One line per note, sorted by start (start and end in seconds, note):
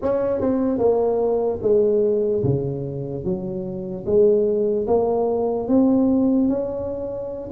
0.01 0.40 C#4
0.40 0.78 C4
0.78 1.59 A#3
1.62 2.43 G#3
2.43 3.24 C#3
3.24 4.05 F#3
4.05 4.86 G#3
4.87 5.68 A#3
5.68 6.48 C4
6.48 7.49 C#4